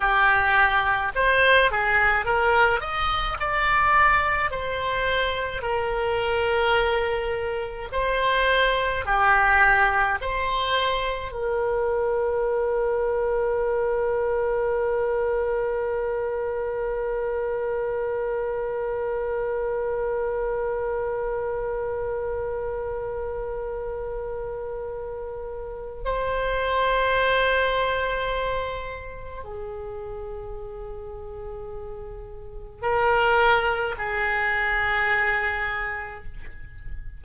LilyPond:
\new Staff \with { instrumentName = "oboe" } { \time 4/4 \tempo 4 = 53 g'4 c''8 gis'8 ais'8 dis''8 d''4 | c''4 ais'2 c''4 | g'4 c''4 ais'2~ | ais'1~ |
ais'1~ | ais'2. c''4~ | c''2 gis'2~ | gis'4 ais'4 gis'2 | }